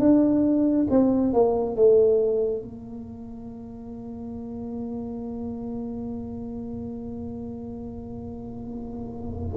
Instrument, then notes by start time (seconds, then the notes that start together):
tuba
0.00 D4
0.91 C4
1.34 A#3
1.76 A3
2.62 A#3